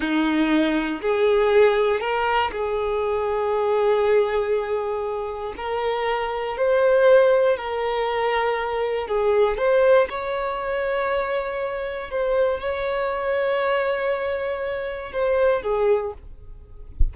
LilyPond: \new Staff \with { instrumentName = "violin" } { \time 4/4 \tempo 4 = 119 dis'2 gis'2 | ais'4 gis'2.~ | gis'2. ais'4~ | ais'4 c''2 ais'4~ |
ais'2 gis'4 c''4 | cis''1 | c''4 cis''2.~ | cis''2 c''4 gis'4 | }